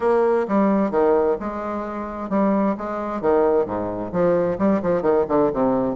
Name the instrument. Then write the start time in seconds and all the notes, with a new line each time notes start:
bassoon
0.00 A#3
0.48 G3
0.91 D#3
1.39 G#3
2.29 G3
2.77 G#3
3.21 D#3
3.65 G#2
4.12 F3
4.58 G3
4.82 F3
5.02 D#3
5.28 D3
5.53 C3